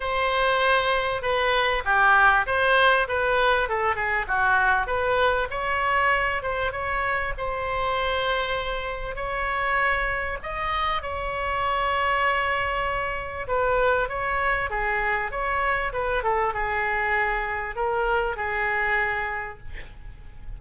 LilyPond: \new Staff \with { instrumentName = "oboe" } { \time 4/4 \tempo 4 = 98 c''2 b'4 g'4 | c''4 b'4 a'8 gis'8 fis'4 | b'4 cis''4. c''8 cis''4 | c''2. cis''4~ |
cis''4 dis''4 cis''2~ | cis''2 b'4 cis''4 | gis'4 cis''4 b'8 a'8 gis'4~ | gis'4 ais'4 gis'2 | }